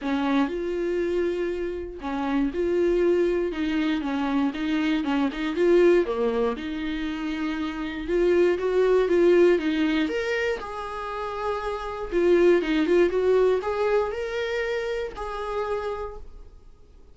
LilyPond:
\new Staff \with { instrumentName = "viola" } { \time 4/4 \tempo 4 = 119 cis'4 f'2. | cis'4 f'2 dis'4 | cis'4 dis'4 cis'8 dis'8 f'4 | ais4 dis'2. |
f'4 fis'4 f'4 dis'4 | ais'4 gis'2. | f'4 dis'8 f'8 fis'4 gis'4 | ais'2 gis'2 | }